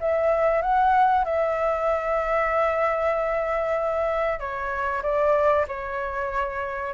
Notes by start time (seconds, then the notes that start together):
0.00 E5
0.62 F#5
1.25 E5
4.39 C#5
5.02 D5
5.68 C#5